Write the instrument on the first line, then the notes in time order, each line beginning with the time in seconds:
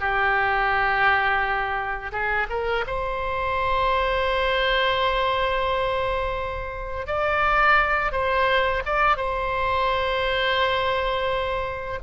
oboe
0.00 G4
2.12 G#4
2.49 A#4
2.87 C5
7.07 D5
8.12 C5
8.86 D5
9.17 C5